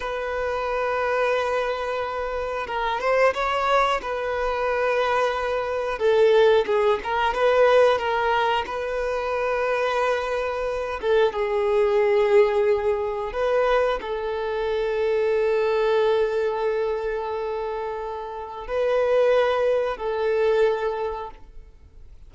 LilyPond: \new Staff \with { instrumentName = "violin" } { \time 4/4 \tempo 4 = 90 b'1 | ais'8 c''8 cis''4 b'2~ | b'4 a'4 gis'8 ais'8 b'4 | ais'4 b'2.~ |
b'8 a'8 gis'2. | b'4 a'2.~ | a'1 | b'2 a'2 | }